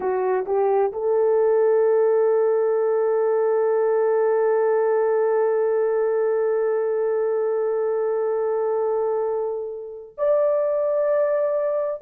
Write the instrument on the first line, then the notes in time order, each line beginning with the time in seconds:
horn
0.00 F#4
0.45 G4
0.92 A4
10.17 D5